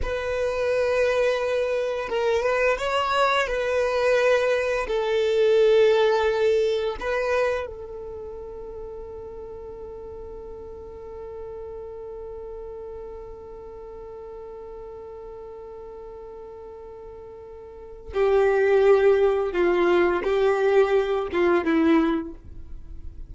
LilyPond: \new Staff \with { instrumentName = "violin" } { \time 4/4 \tempo 4 = 86 b'2. ais'8 b'8 | cis''4 b'2 a'4~ | a'2 b'4 a'4~ | a'1~ |
a'1~ | a'1~ | a'2 g'2 | f'4 g'4. f'8 e'4 | }